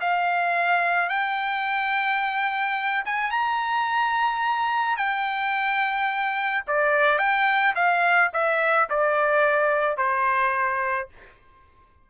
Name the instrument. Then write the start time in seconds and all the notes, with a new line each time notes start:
trumpet
0.00 F5
1.09 G5
3.05 G#5
3.30 A#5
4.96 G5
6.67 D5
7.18 G5
7.75 F5
8.33 E5
8.89 D5
9.97 C5